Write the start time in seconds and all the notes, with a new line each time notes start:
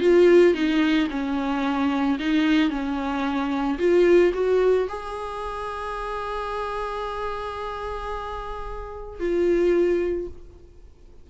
0.00 F4
0.54 D#4
1.10 C#4
2.19 D#4
2.70 C#4
3.78 F4
4.34 F#4
4.89 G#4
9.20 F4